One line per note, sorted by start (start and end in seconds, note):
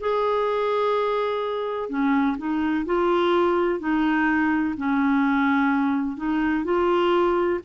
0.00 1.90 G#4
1.90 2.37 C#4
2.38 2.85 D#4
2.86 3.80 F4
3.80 4.75 D#4
4.77 6.17 C#4
6.17 6.65 D#4
6.65 7.60 F4